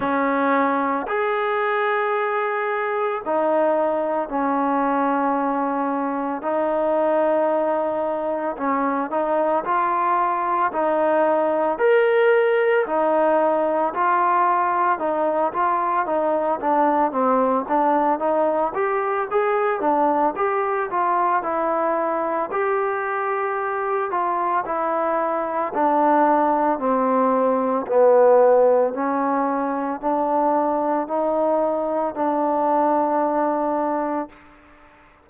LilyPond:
\new Staff \with { instrumentName = "trombone" } { \time 4/4 \tempo 4 = 56 cis'4 gis'2 dis'4 | cis'2 dis'2 | cis'8 dis'8 f'4 dis'4 ais'4 | dis'4 f'4 dis'8 f'8 dis'8 d'8 |
c'8 d'8 dis'8 g'8 gis'8 d'8 g'8 f'8 | e'4 g'4. f'8 e'4 | d'4 c'4 b4 cis'4 | d'4 dis'4 d'2 | }